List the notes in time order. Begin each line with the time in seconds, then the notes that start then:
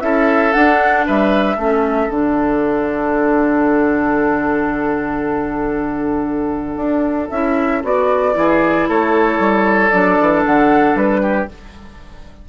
0.00 C#4 E4 A4 E5
0.52 D4 F#5
1.06 G3 B4 E5
1.56 A3 C#4 A4
2.09 D3 D4 F#5
6.76 D4
7.30 C#4 E4 E5
7.82 B3 F#4 D5
8.33 E3 E4 G#4
8.88 A3 A4 C#5
9.39 G3
9.90 F#3 D4 D5
10.20 E3
10.44 D3 F#5
10.95 G3 B4
11.21 G4